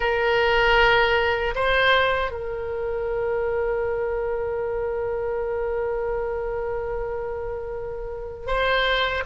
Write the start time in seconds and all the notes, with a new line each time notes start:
0.00 A#4
1.55 C5
2.31 A#4
8.46 C5